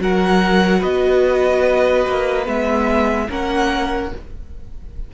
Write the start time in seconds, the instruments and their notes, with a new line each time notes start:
0.00 cello F#3, viola F#4, violin A#4 F#5
0.80 cello B3, violin B4 D#5
2.07 cello A#3
2.46 cello G#3, viola B3, violin E5
3.29 cello A#3, viola C#4, violin A#4 F#5